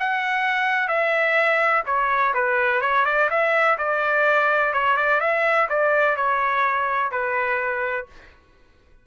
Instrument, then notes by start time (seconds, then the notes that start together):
trumpet
0.00 F#5
0.88 E5
1.87 C#5
2.35 B4
2.82 C#5
3.06 D5
3.31 E5
3.79 D5
4.74 C#5
4.97 D5
5.21 E5
5.69 D5
6.17 C#5
7.11 B4